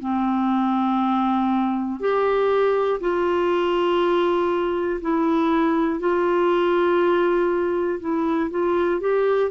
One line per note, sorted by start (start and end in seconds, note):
0.00 2.00 C4
2.00 3.00 G4
3.00 5.00 F4
5.01 6.00 E4
6.00 8.00 F4
8.00 8.50 E4
8.50 9.00 F4
9.00 9.50 G4